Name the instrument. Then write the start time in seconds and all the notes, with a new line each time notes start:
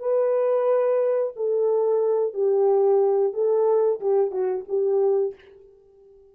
horn
0.00 B4
1.36 A4
2.34 G4
3.34 A4
4.01 G4
4.32 F#4
4.69 G4